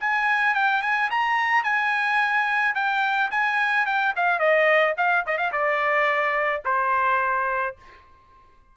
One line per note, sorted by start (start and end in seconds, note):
0.00 0.54 G#5
0.54 0.82 G5
0.82 1.10 G#5
1.10 1.64 A#5
1.64 2.75 G#5
2.75 3.31 G5
3.31 3.86 G#5
3.86 4.14 G5
4.16 4.39 F5
4.39 4.95 D#5
4.97 5.25 F5
5.26 5.38 D#5
5.38 5.52 F5
5.52 6.63 D5
6.65 7.76 C5